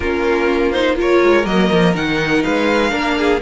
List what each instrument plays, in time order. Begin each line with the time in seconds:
0.00 cello A#3, viola C#4, violin F4 A#4
0.71 viola D#4, violin C5
0.95 viola F4, violin A#4 C#5
1.22 cello G#3
1.43 cello F#3, viola A#3, violin D#5
1.71 cello F3
1.94 cello D#3, viola D#4, violin F#5
2.42 cello G#3, violin B4 F5
2.89 cello A#3, viola D4, violin A#4
3.18 violin G#4